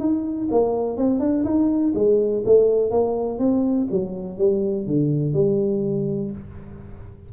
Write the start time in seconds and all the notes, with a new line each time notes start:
0.00 D#4
0.52 A#3
0.98 C4
1.20 D4
1.45 D#4
1.95 G#3
2.46 A3
2.91 A#3
3.39 C4
3.92 F#3
4.38 G3
4.87 D3
5.34 G3